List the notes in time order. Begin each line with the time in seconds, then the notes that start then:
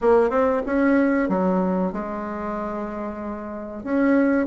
0.01 A#3
0.30 C4
0.66 C#4
1.29 F#3
1.92 G#3
3.83 C#4